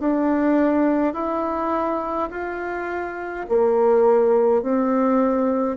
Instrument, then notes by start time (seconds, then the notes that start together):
bassoon
0.00 D4
1.14 E4
2.31 F4
3.49 A#3
4.62 C4